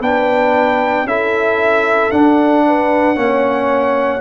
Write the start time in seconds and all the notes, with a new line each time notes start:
0.00 B3 D4 B4 G5
1.04 C#4 E4 A4 E5
2.11 D4 F#5
2.66 B4
3.15 A#3 C#4 C#5